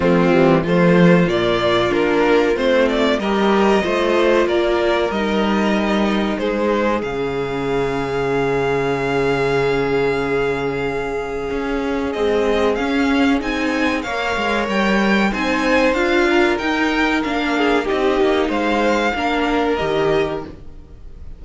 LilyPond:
<<
  \new Staff \with { instrumentName = "violin" } { \time 4/4 \tempo 4 = 94 f'4 c''4 d''4 ais'4 | c''8 d''8 dis''2 d''4 | dis''2 c''4 f''4~ | f''1~ |
f''2. dis''4 | f''4 gis''4 f''4 g''4 | gis''4 f''4 g''4 f''4 | dis''4 f''2 dis''4 | }
  \new Staff \with { instrumentName = "violin" } { \time 4/4 c'4 f'2.~ | f'4 ais'4 c''4 ais'4~ | ais'2 gis'2~ | gis'1~ |
gis'1~ | gis'2 cis''2 | c''4. ais'2 gis'8 | g'4 c''4 ais'2 | }
  \new Staff \with { instrumentName = "viola" } { \time 4/4 a8 g8 a4 ais4 d'4 | c'4 g'4 f'2 | dis'2. cis'4~ | cis'1~ |
cis'2. gis4 | cis'4 dis'4 ais'2 | dis'4 f'4 dis'4 d'4 | dis'2 d'4 g'4 | }
  \new Staff \with { instrumentName = "cello" } { \time 4/4 f8 e8 f4 ais,4 ais4 | a4 g4 a4 ais4 | g2 gis4 cis4~ | cis1~ |
cis2 cis'4 c'4 | cis'4 c'4 ais8 gis8 g4 | c'4 d'4 dis'4 ais4 | c'8 ais8 gis4 ais4 dis4 | }
>>